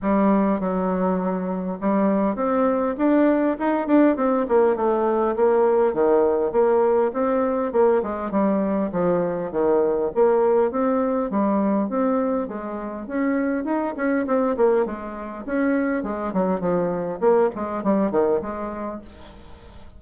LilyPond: \new Staff \with { instrumentName = "bassoon" } { \time 4/4 \tempo 4 = 101 g4 fis2 g4 | c'4 d'4 dis'8 d'8 c'8 ais8 | a4 ais4 dis4 ais4 | c'4 ais8 gis8 g4 f4 |
dis4 ais4 c'4 g4 | c'4 gis4 cis'4 dis'8 cis'8 | c'8 ais8 gis4 cis'4 gis8 fis8 | f4 ais8 gis8 g8 dis8 gis4 | }